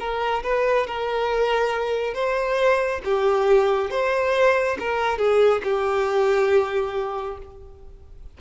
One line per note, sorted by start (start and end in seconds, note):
0.00 0.43 A#4
0.44 0.87 B4
0.87 2.15 A#4
2.15 3.02 C5
3.05 3.91 G4
3.91 4.78 C5
4.80 5.19 A#4
5.19 5.62 G#4
5.64 7.38 G4